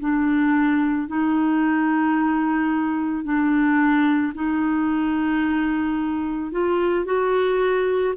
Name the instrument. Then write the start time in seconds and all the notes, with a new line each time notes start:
clarinet
0.00 D4
1.07 D#4
3.24 D4
4.34 D#4
6.52 F4
7.05 F#4